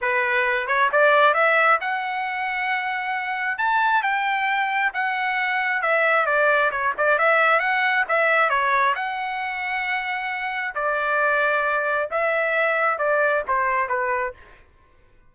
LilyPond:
\new Staff \with { instrumentName = "trumpet" } { \time 4/4 \tempo 4 = 134 b'4. cis''8 d''4 e''4 | fis''1 | a''4 g''2 fis''4~ | fis''4 e''4 d''4 cis''8 d''8 |
e''4 fis''4 e''4 cis''4 | fis''1 | d''2. e''4~ | e''4 d''4 c''4 b'4 | }